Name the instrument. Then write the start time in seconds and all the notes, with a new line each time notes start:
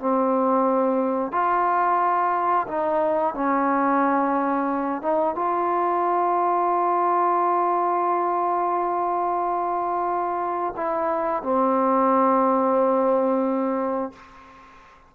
trombone
0.00 C4
1.32 F4
2.68 D#4
3.35 C#4
5.02 D#4
5.36 F4
10.77 E4
11.43 C4